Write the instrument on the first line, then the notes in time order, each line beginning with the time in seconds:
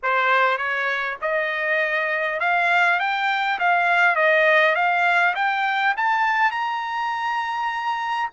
trumpet
0.02 C5
0.57 C#5
1.21 D#5
2.40 F5
2.99 G5
3.59 F5
4.15 D#5
4.75 F5
5.35 G5
5.96 A5
6.51 A#5